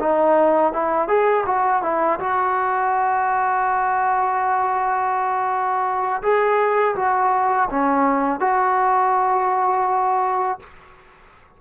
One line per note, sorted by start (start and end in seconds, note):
0.00 0.73 D#4
0.73 1.08 E4
1.08 1.45 G#4
1.47 1.83 F#4
1.83 2.20 E4
2.20 6.23 F#4
6.23 6.96 G#4
6.96 7.69 F#4
7.71 8.40 C#4
8.40 10.60 F#4